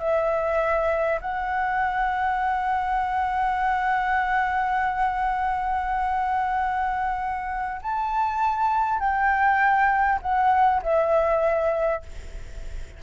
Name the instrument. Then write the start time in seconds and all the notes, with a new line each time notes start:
flute
0.00 E5
1.22 F#5
7.83 A5
9.00 G5
10.22 F#5
10.83 E5